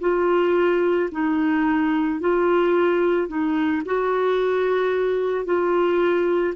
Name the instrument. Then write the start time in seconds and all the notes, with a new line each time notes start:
clarinet
0.00 F4
1.11 D#4
2.20 F4
3.28 D#4
3.85 F#4
5.45 F4